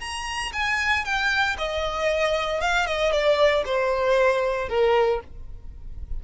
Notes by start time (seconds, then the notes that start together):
0.00 A#5
0.53 G#5
1.04 G5
1.58 D#5
2.61 F5
2.86 D#5
3.12 D5
3.66 C5
4.69 A#4